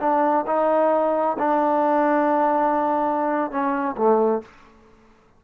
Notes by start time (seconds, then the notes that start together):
0.00 D4
0.47 D#4
1.39 D4
3.51 C#4
3.97 A3